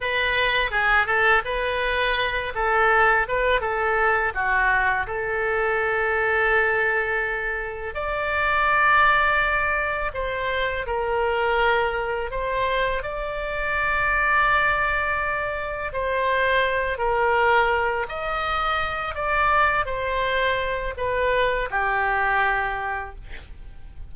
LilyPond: \new Staff \with { instrumentName = "oboe" } { \time 4/4 \tempo 4 = 83 b'4 gis'8 a'8 b'4. a'8~ | a'8 b'8 a'4 fis'4 a'4~ | a'2. d''4~ | d''2 c''4 ais'4~ |
ais'4 c''4 d''2~ | d''2 c''4. ais'8~ | ais'4 dis''4. d''4 c''8~ | c''4 b'4 g'2 | }